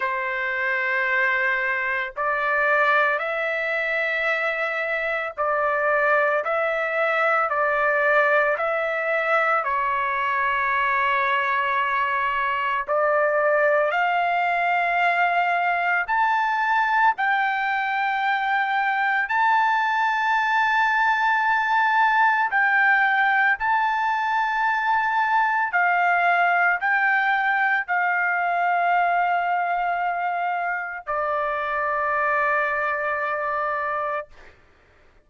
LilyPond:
\new Staff \with { instrumentName = "trumpet" } { \time 4/4 \tempo 4 = 56 c''2 d''4 e''4~ | e''4 d''4 e''4 d''4 | e''4 cis''2. | d''4 f''2 a''4 |
g''2 a''2~ | a''4 g''4 a''2 | f''4 g''4 f''2~ | f''4 d''2. | }